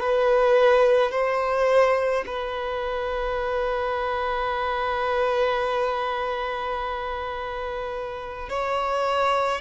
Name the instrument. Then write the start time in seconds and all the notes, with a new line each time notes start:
violin
0.00 B4
1.12 C5
2.27 B4
8.50 C#5